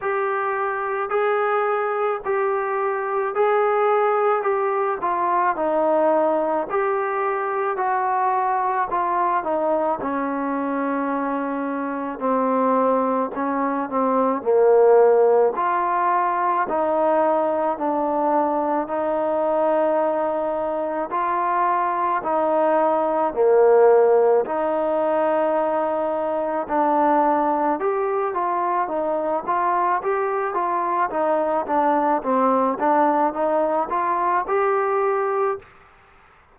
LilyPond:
\new Staff \with { instrumentName = "trombone" } { \time 4/4 \tempo 4 = 54 g'4 gis'4 g'4 gis'4 | g'8 f'8 dis'4 g'4 fis'4 | f'8 dis'8 cis'2 c'4 | cis'8 c'8 ais4 f'4 dis'4 |
d'4 dis'2 f'4 | dis'4 ais4 dis'2 | d'4 g'8 f'8 dis'8 f'8 g'8 f'8 | dis'8 d'8 c'8 d'8 dis'8 f'8 g'4 | }